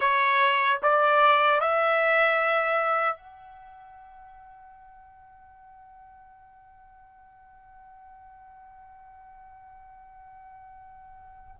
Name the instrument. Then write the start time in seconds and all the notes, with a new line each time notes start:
trumpet
0.00 C#5
0.82 D5
1.60 E5
3.16 F#5